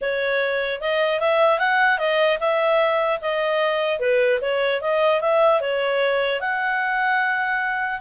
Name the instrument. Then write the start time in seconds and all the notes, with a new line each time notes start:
clarinet
0.01 C#5
0.80 D#5
1.20 E5
1.59 F#5
1.98 D#5
2.39 E5
3.21 D#5
3.99 B4
4.41 C#5
4.81 D#5
5.20 E5
5.61 C#5
6.40 F#5